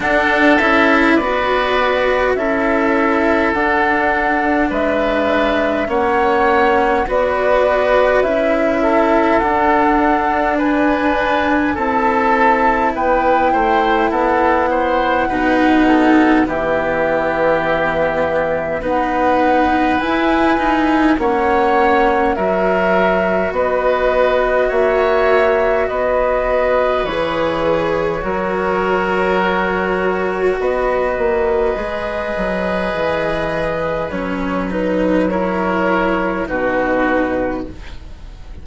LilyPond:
<<
  \new Staff \with { instrumentName = "flute" } { \time 4/4 \tempo 4 = 51 fis''8 e''8 d''4 e''4 fis''4 | e''4 fis''4 d''4 e''4 | fis''4 gis''4 a''4 g''4 | fis''2 e''2 |
fis''4 gis''4 fis''4 e''4 | dis''4 e''4 dis''4 cis''4~ | cis''2 dis''2~ | dis''4 cis''8 b'8 cis''4 b'4 | }
  \new Staff \with { instrumentName = "oboe" } { \time 4/4 a'4 b'4 a'2 | b'4 cis''4 b'4. a'8~ | a'4 b'4 a'4 b'8 c''8 | a'8 c''8 b'8 a'8 g'2 |
b'2 cis''4 ais'4 | b'4 cis''4 b'2 | ais'2 b'2~ | b'2 ais'4 fis'4 | }
  \new Staff \with { instrumentName = "cello" } { \time 4/4 d'8 e'8 fis'4 e'4 d'4~ | d'4 cis'4 fis'4 e'4 | d'2 e'2~ | e'4 dis'4 b2 |
dis'4 e'8 dis'8 cis'4 fis'4~ | fis'2. gis'4 | fis'2. gis'4~ | gis'4 cis'8 dis'8 e'4 dis'4 | }
  \new Staff \with { instrumentName = "bassoon" } { \time 4/4 d'8 cis'8 b4 cis'4 d'4 | gis4 ais4 b4 cis'4 | d'2 c'4 b8 a8 | b4 b,4 e2 |
b4 e'4 ais4 fis4 | b4 ais4 b4 e4 | fis2 b8 ais8 gis8 fis8 | e4 fis2 b,4 | }
>>